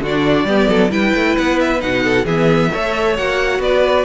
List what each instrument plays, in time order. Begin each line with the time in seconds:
0.00 cello D3, viola D4, violin F#4
0.06 violin D5
0.44 cello G3, viola B3, violin G4
0.69 cello F#3, violin A4
0.90 cello G3, viola E4, violin B4 G5
1.15 cello A3
1.37 cello B3, violin F#5
1.60 violin E5
1.80 cello B2, viola D#4, violin F#5
2.04 violin A4
2.25 cello E3, viola B3, violin G#4 E5
2.72 cello A3, viola A4, violin C#5
3.17 cello A#3, viola F#4, violin F#5
3.60 cello B3, violin B4 D5